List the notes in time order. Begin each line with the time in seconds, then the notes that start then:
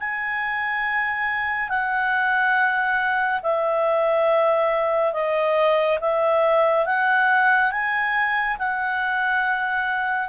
0.00 G#5
1.69 F#5
3.43 E5
5.13 D#5
6.00 E5
6.86 F#5
7.71 G#5
8.59 F#5